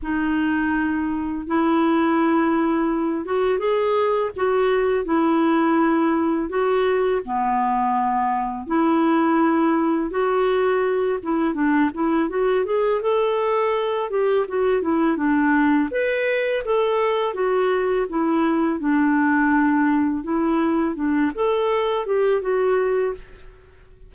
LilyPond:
\new Staff \with { instrumentName = "clarinet" } { \time 4/4 \tempo 4 = 83 dis'2 e'2~ | e'8 fis'8 gis'4 fis'4 e'4~ | e'4 fis'4 b2 | e'2 fis'4. e'8 |
d'8 e'8 fis'8 gis'8 a'4. g'8 | fis'8 e'8 d'4 b'4 a'4 | fis'4 e'4 d'2 | e'4 d'8 a'4 g'8 fis'4 | }